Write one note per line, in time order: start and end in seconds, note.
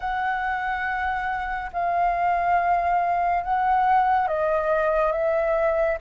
0.00 1.71 F#5
1.73 3.43 F5
3.43 4.27 F#5
4.27 5.12 D#5
5.12 5.97 E5